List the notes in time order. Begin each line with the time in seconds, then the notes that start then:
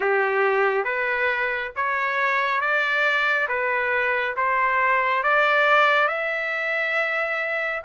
0.00 G4
0.84 B4
1.75 C#5
2.60 D5
3.48 B4
4.36 C5
5.23 D5
6.08 E5